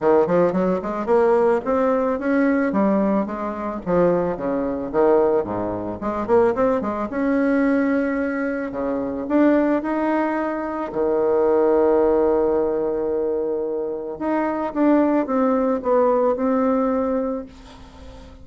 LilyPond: \new Staff \with { instrumentName = "bassoon" } { \time 4/4 \tempo 4 = 110 dis8 f8 fis8 gis8 ais4 c'4 | cis'4 g4 gis4 f4 | cis4 dis4 gis,4 gis8 ais8 | c'8 gis8 cis'2. |
cis4 d'4 dis'2 | dis1~ | dis2 dis'4 d'4 | c'4 b4 c'2 | }